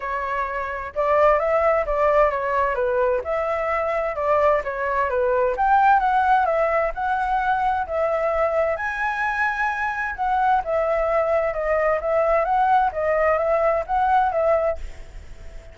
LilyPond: \new Staff \with { instrumentName = "flute" } { \time 4/4 \tempo 4 = 130 cis''2 d''4 e''4 | d''4 cis''4 b'4 e''4~ | e''4 d''4 cis''4 b'4 | g''4 fis''4 e''4 fis''4~ |
fis''4 e''2 gis''4~ | gis''2 fis''4 e''4~ | e''4 dis''4 e''4 fis''4 | dis''4 e''4 fis''4 e''4 | }